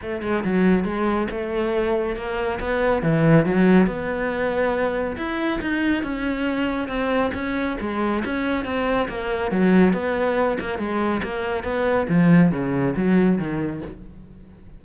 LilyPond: \new Staff \with { instrumentName = "cello" } { \time 4/4 \tempo 4 = 139 a8 gis8 fis4 gis4 a4~ | a4 ais4 b4 e4 | fis4 b2. | e'4 dis'4 cis'2 |
c'4 cis'4 gis4 cis'4 | c'4 ais4 fis4 b4~ | b8 ais8 gis4 ais4 b4 | f4 cis4 fis4 dis4 | }